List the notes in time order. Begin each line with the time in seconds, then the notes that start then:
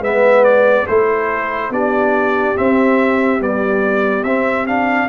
0.00 G#3 B3 B4 E5
0.44 D5
0.88 A3 E4 A4 C5
1.70 B3 D4 G4 D5
2.56 C4 E5
3.40 G3 B3 D5
4.24 C4 E5
4.67 D4 F5